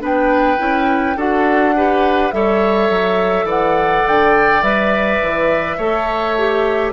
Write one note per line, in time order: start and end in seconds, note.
0.00 0.59 B3
0.00 0.58 D4
0.00 1.17 B4
0.00 1.19 G5
0.58 1.17 C#4
0.58 1.16 E4
1.17 2.32 D4
1.17 1.75 F#4
1.17 1.75 A4
1.17 2.32 F#5
1.76 2.33 G4
1.76 2.35 B4
2.32 2.90 G3
2.32 4.63 A4
2.32 3.46 C#5
2.32 3.48 E5
2.90 3.44 F#3
3.44 4.02 E3
3.44 5.77 D5
3.44 4.07 F#5
4.07 4.62 D3
4.07 4.63 G5
4.62 5.20 G3
4.62 5.79 B4
4.62 6.93 E5
5.22 5.79 E3
5.78 6.93 A3
5.78 6.37 A4
5.78 6.93 C#5
6.38 6.93 G4